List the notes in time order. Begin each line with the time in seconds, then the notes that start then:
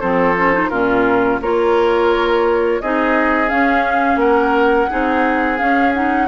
0.00 F3 C4 A4 C5
0.37 C#4
0.53 D#4
0.70 A#2 C#4 F4 A#4
1.41 A#3 F4 A#4 C#5
2.81 C4 D#4 G#4 D#5
3.49 C#4 F5
4.16 A#3 A#4 F#5
4.90 C4 D#4 G#4
5.58 C#4 F5
5.94 D#4 F#5